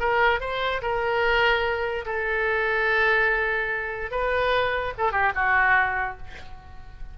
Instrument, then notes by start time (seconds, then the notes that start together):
oboe
0.00 A#4
0.41 C5
0.82 A#4
2.06 A4
4.12 B4
4.98 A4
5.12 G4
5.36 F#4